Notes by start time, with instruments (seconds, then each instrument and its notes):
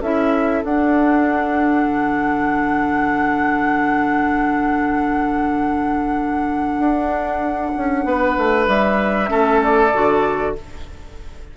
0.00 bassoon C#4, clarinet E4, oboe A4, flute E5
0.63 bassoon D4, clarinet D4, flute F#5
1.85 bassoon D3
6.78 bassoon D4
7.77 bassoon C#4
8.05 bassoon B3, oboe B4
8.37 bassoon A3
8.67 bassoon G3, flute E5
9.27 bassoon A3, clarinet C#4, oboe A4
9.62 flute D5
9.93 bassoon D3, clarinet F#4